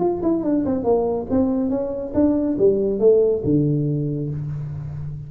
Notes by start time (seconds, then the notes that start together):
0.00 F4
0.23 E4
0.43 D4
0.66 C4
0.84 A#3
1.31 C4
1.70 C#4
2.14 D4
2.59 G3
3.00 A3
3.45 D3